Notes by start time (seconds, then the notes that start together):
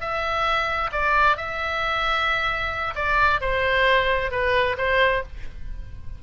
0.00 E5
0.91 D5
1.36 E5
2.95 D5
3.40 C5
4.31 B4
4.77 C5